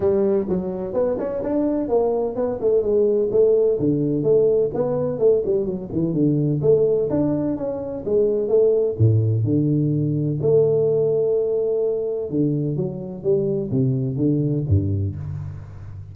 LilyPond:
\new Staff \with { instrumentName = "tuba" } { \time 4/4 \tempo 4 = 127 g4 fis4 b8 cis'8 d'4 | ais4 b8 a8 gis4 a4 | d4 a4 b4 a8 g8 | fis8 e8 d4 a4 d'4 |
cis'4 gis4 a4 a,4 | d2 a2~ | a2 d4 fis4 | g4 c4 d4 g,4 | }